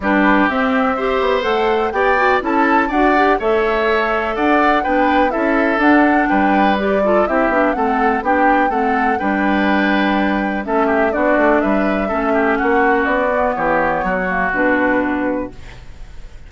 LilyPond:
<<
  \new Staff \with { instrumentName = "flute" } { \time 4/4 \tempo 4 = 124 b'4 e''2 fis''4 | g''4 a''4 fis''4 e''4~ | e''4 fis''4 g''4 e''4 | fis''4 g''4 d''4 e''4 |
fis''4 g''4 fis''4 g''4~ | g''2 e''4 d''4 | e''2 fis''4 d''4 | cis''2 b'2 | }
  \new Staff \with { instrumentName = "oboe" } { \time 4/4 g'2 c''2 | d''4 a'4 d''4 cis''4~ | cis''4 d''4 b'4 a'4~ | a'4 b'4. a'8 g'4 |
a'4 g'4 a'4 b'4~ | b'2 a'8 g'8 fis'4 | b'4 a'8 g'8 fis'2 | g'4 fis'2. | }
  \new Staff \with { instrumentName = "clarinet" } { \time 4/4 d'4 c'4 g'4 a'4 | g'8 fis'8 e'4 fis'8 g'8 a'4~ | a'2 d'4 e'4 | d'2 g'8 f'8 e'8 d'8 |
c'4 d'4 c'4 d'4~ | d'2 cis'4 d'4~ | d'4 cis'2~ cis'8 b8~ | b4. ais8 d'2 | }
  \new Staff \with { instrumentName = "bassoon" } { \time 4/4 g4 c'4. b8 a4 | b4 cis'4 d'4 a4~ | a4 d'4 b4 cis'4 | d'4 g2 c'8 b8 |
a4 b4 a4 g4~ | g2 a4 b8 a8 | g4 a4 ais4 b4 | e4 fis4 b,2 | }
>>